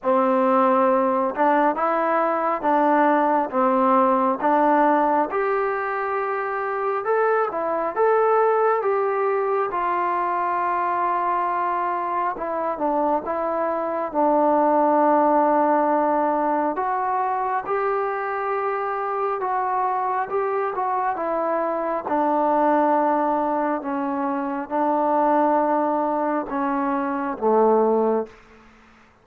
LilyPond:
\new Staff \with { instrumentName = "trombone" } { \time 4/4 \tempo 4 = 68 c'4. d'8 e'4 d'4 | c'4 d'4 g'2 | a'8 e'8 a'4 g'4 f'4~ | f'2 e'8 d'8 e'4 |
d'2. fis'4 | g'2 fis'4 g'8 fis'8 | e'4 d'2 cis'4 | d'2 cis'4 a4 | }